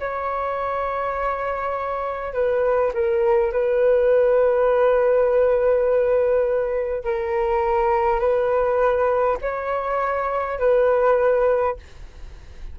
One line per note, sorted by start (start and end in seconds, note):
0.00 2.34 C#5
2.34 2.93 B4
2.94 3.52 A#4
3.52 7.04 B4
7.04 8.20 A#4
8.20 9.38 B4
9.42 10.59 C#5
10.59 11.77 B4